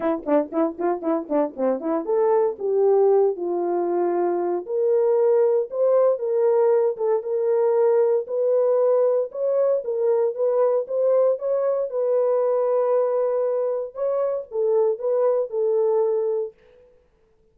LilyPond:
\new Staff \with { instrumentName = "horn" } { \time 4/4 \tempo 4 = 116 e'8 d'8 e'8 f'8 e'8 d'8 c'8 e'8 | a'4 g'4. f'4.~ | f'4 ais'2 c''4 | ais'4. a'8 ais'2 |
b'2 cis''4 ais'4 | b'4 c''4 cis''4 b'4~ | b'2. cis''4 | a'4 b'4 a'2 | }